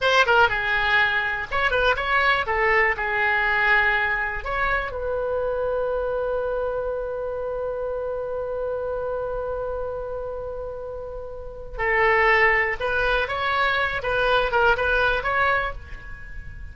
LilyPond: \new Staff \with { instrumentName = "oboe" } { \time 4/4 \tempo 4 = 122 c''8 ais'8 gis'2 cis''8 b'8 | cis''4 a'4 gis'2~ | gis'4 cis''4 b'2~ | b'1~ |
b'1~ | b'1 | a'2 b'4 cis''4~ | cis''8 b'4 ais'8 b'4 cis''4 | }